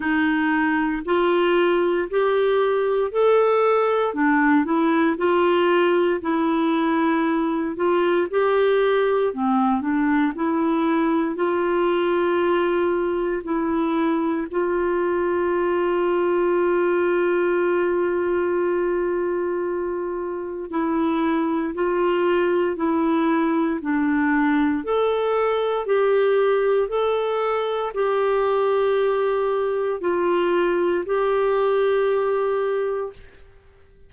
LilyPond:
\new Staff \with { instrumentName = "clarinet" } { \time 4/4 \tempo 4 = 58 dis'4 f'4 g'4 a'4 | d'8 e'8 f'4 e'4. f'8 | g'4 c'8 d'8 e'4 f'4~ | f'4 e'4 f'2~ |
f'1 | e'4 f'4 e'4 d'4 | a'4 g'4 a'4 g'4~ | g'4 f'4 g'2 | }